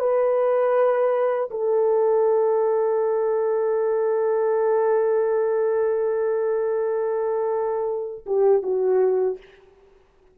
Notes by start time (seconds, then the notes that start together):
0.00 B4
1.51 A4
8.27 G4
8.63 F#4